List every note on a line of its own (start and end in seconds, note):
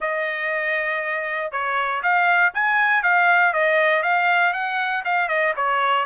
0.00 1.51 D#5
1.51 2.02 C#5
2.02 2.53 F5
2.54 3.03 G#5
3.03 3.53 F5
3.53 4.02 D#5
4.02 4.53 F5
4.53 5.03 F#5
5.04 5.28 F5
5.28 5.53 D#5
5.56 6.05 C#5